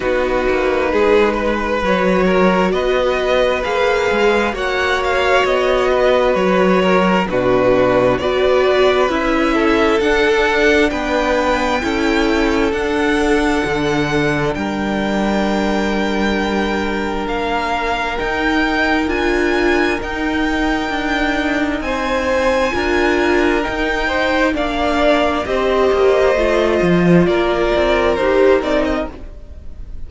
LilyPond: <<
  \new Staff \with { instrumentName = "violin" } { \time 4/4 \tempo 4 = 66 b'2 cis''4 dis''4 | f''4 fis''8 f''8 dis''4 cis''4 | b'4 d''4 e''4 fis''4 | g''2 fis''2 |
g''2. f''4 | g''4 gis''4 g''2 | gis''2 g''4 f''4 | dis''2 d''4 c''8 d''16 dis''16 | }
  \new Staff \with { instrumentName = "violin" } { \time 4/4 fis'4 gis'8 b'4 ais'8 b'4~ | b'4 cis''4. b'4 ais'8 | fis'4 b'4. a'4. | b'4 a'2. |
ais'1~ | ais'1 | c''4 ais'4. c''8 d''4 | c''2 ais'2 | }
  \new Staff \with { instrumentName = "viola" } { \time 4/4 dis'2 fis'2 | gis'4 fis'2. | d'4 fis'4 e'4 d'4~ | d'4 e'4 d'2~ |
d'1 | dis'4 f'4 dis'2~ | dis'4 f'4 dis'4 d'4 | g'4 f'2 g'8 dis'8 | }
  \new Staff \with { instrumentName = "cello" } { \time 4/4 b8 ais8 gis4 fis4 b4 | ais8 gis8 ais4 b4 fis4 | b,4 b4 cis'4 d'4 | b4 cis'4 d'4 d4 |
g2. ais4 | dis'4 d'4 dis'4 d'4 | c'4 d'4 dis'4 ais4 | c'8 ais8 a8 f8 ais8 c'8 dis'8 c'8 | }
>>